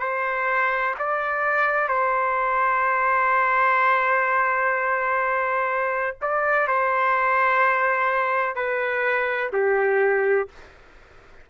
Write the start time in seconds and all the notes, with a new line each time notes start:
0.00 C5
0.99 D5
1.89 C5
6.22 D5
6.68 C5
8.56 B4
9.53 G4